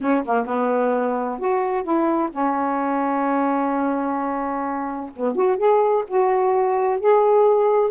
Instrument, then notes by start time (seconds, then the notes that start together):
saxophone
0.00 C#4
0.24 A#3
0.46 B3
1.38 F#4
1.83 E4
2.31 C#4
5.16 B3
5.35 F#4
5.57 G#4
6.07 F#4
7.00 G#4